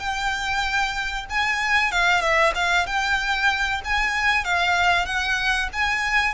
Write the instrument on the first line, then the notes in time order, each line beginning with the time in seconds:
violin
0.00 G5
1.30 G#5
1.92 F5
2.22 E5
2.56 F5
2.87 G5
3.85 G#5
4.45 F5
5.06 F#5
5.73 G#5